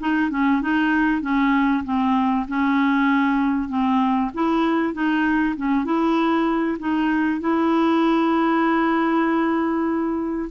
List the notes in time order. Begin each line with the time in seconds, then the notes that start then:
0.00 D#4
0.31 C#4
0.62 D#4
1.22 C#4
1.85 C4
2.48 C#4
3.69 C4
4.34 E4
4.93 D#4
5.56 C#4
5.85 E4
6.79 D#4
7.41 E4